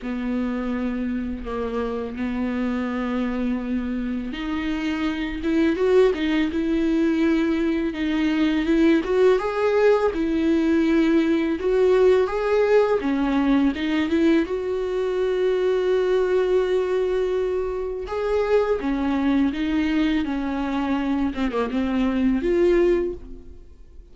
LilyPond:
\new Staff \with { instrumentName = "viola" } { \time 4/4 \tempo 4 = 83 b2 ais4 b4~ | b2 dis'4. e'8 | fis'8 dis'8 e'2 dis'4 | e'8 fis'8 gis'4 e'2 |
fis'4 gis'4 cis'4 dis'8 e'8 | fis'1~ | fis'4 gis'4 cis'4 dis'4 | cis'4. c'16 ais16 c'4 f'4 | }